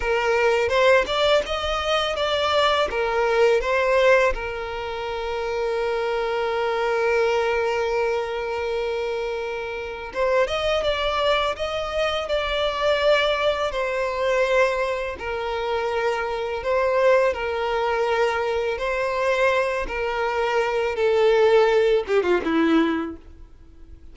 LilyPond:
\new Staff \with { instrumentName = "violin" } { \time 4/4 \tempo 4 = 83 ais'4 c''8 d''8 dis''4 d''4 | ais'4 c''4 ais'2~ | ais'1~ | ais'2 c''8 dis''8 d''4 |
dis''4 d''2 c''4~ | c''4 ais'2 c''4 | ais'2 c''4. ais'8~ | ais'4 a'4. g'16 f'16 e'4 | }